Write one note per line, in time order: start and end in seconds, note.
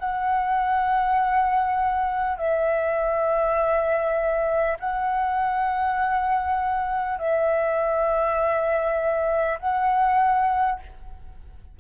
0.00 2.38 F#5
2.38 4.78 E5
4.80 7.19 F#5
7.19 9.59 E5
9.60 10.80 F#5